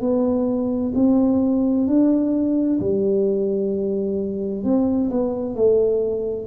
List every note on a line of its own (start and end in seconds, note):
0.00 0.92 B3
0.94 1.87 C4
1.87 2.79 D4
2.80 4.64 G3
4.64 5.10 C4
5.10 5.55 B3
5.55 6.47 A3